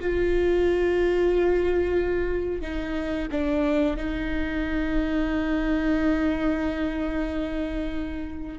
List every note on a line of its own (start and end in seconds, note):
0.00 2.62 F4
2.62 3.28 D#4
3.31 3.97 D4
3.97 8.59 D#4